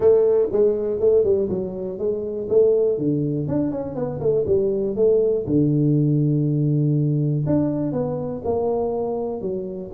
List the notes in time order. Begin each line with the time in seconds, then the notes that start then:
0.00 A3
0.51 G#3
0.99 A3
1.24 G3
1.49 F#3
1.98 G#3
2.49 A3
2.98 D3
3.47 D4
3.71 C#4
3.95 B3
4.20 A3
4.47 G3
4.96 A3
5.46 D3
7.46 D4
7.92 B3
8.44 A#3
9.41 F#3